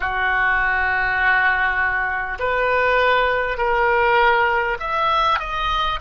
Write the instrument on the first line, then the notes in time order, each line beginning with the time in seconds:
oboe
0.00 F#4
2.39 B4
3.57 A#4
4.79 E5
5.39 D#5